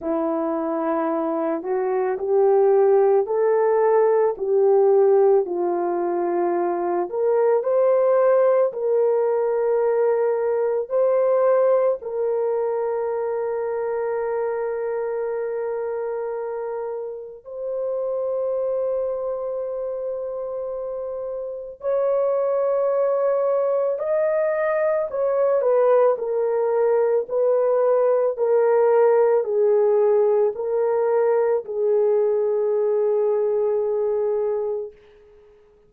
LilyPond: \new Staff \with { instrumentName = "horn" } { \time 4/4 \tempo 4 = 55 e'4. fis'8 g'4 a'4 | g'4 f'4. ais'8 c''4 | ais'2 c''4 ais'4~ | ais'1 |
c''1 | cis''2 dis''4 cis''8 b'8 | ais'4 b'4 ais'4 gis'4 | ais'4 gis'2. | }